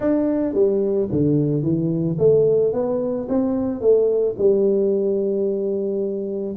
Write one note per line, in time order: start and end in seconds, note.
0.00 0.54 D4
0.54 1.08 G3
1.12 1.62 D3
1.62 2.17 E3
2.18 2.72 A3
2.72 3.27 B3
3.28 3.80 C4
3.80 4.35 A3
4.38 6.56 G3